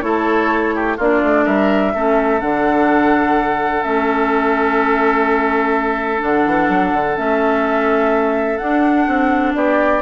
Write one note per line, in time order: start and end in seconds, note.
0.00 0.98 A3
0.00 0.97 E4
0.00 0.75 A4
0.00 0.95 C#5
0.75 0.96 G4
0.96 1.22 A#3
0.96 1.94 D4
0.96 1.44 F4
0.96 1.46 D5
1.22 1.46 A3
1.45 1.94 G3
1.45 1.92 A#4
1.45 2.40 E5
1.94 2.41 A3
1.94 2.40 C#4
1.94 9.55 A4
2.40 3.84 D3
2.40 3.82 D4
2.40 3.83 F#5
3.82 6.22 A3
3.82 6.18 C#4
3.82 6.21 E5
6.18 6.45 D3
6.18 7.13 D4
6.18 7.17 F#5
6.45 6.68 E3
6.68 6.92 F#3
6.92 7.16 D3
7.16 8.60 A3
7.16 8.58 C#4
7.16 8.57 E5
8.57 10.01 D4
8.57 9.07 D4
8.57 9.52 F#5
9.07 9.54 C4
9.54 10.01 B3
9.54 10.01 G4
9.54 10.01 D5